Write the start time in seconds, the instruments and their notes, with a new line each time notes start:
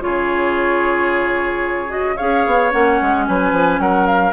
0.00 bassoon C#3, clarinet F4, oboe G#4, flute C#5
1.88 clarinet F#4, flute D#5
2.16 bassoon C#4, clarinet G#4, oboe C#5, flute F5
2.46 bassoon B3
2.71 bassoon A#3, clarinet C#4, flute F#5
3.01 bassoon G#3
3.26 bassoon F#3, oboe B4, flute G#5
3.51 bassoon F3
3.78 bassoon F#3, oboe A#4, flute F#5
4.06 flute F5